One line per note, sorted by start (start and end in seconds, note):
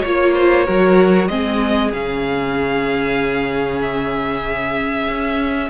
0.00 0.67 A#3
0.00 0.66 F4
0.00 0.32 C#5
0.00 1.27 C#5
0.34 0.65 C5
0.65 1.28 F#3
0.65 1.29 F#4
0.65 1.28 A#4
1.27 1.91 G#3
1.27 1.92 C4
1.27 5.70 G#4
1.27 1.91 D#5
1.92 5.08 C#3
1.92 5.70 C#4
1.92 3.81 F5
3.81 5.70 E5
5.08 5.70 C#4